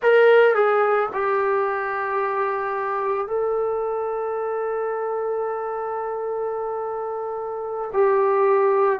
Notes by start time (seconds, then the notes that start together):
0.02 A#4
0.55 G#4
1.13 G4
3.27 A4
7.93 G4